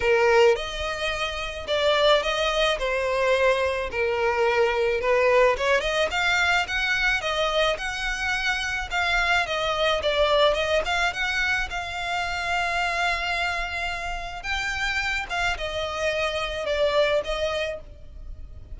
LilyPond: \new Staff \with { instrumentName = "violin" } { \time 4/4 \tempo 4 = 108 ais'4 dis''2 d''4 | dis''4 c''2 ais'4~ | ais'4 b'4 cis''8 dis''8 f''4 | fis''4 dis''4 fis''2 |
f''4 dis''4 d''4 dis''8 f''8 | fis''4 f''2.~ | f''2 g''4. f''8 | dis''2 d''4 dis''4 | }